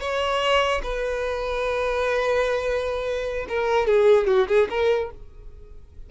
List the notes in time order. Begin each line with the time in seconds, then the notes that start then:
0.00 C#5
0.83 B4
3.48 A#4
3.87 G#4
4.27 F#4
4.48 G#4
4.69 A#4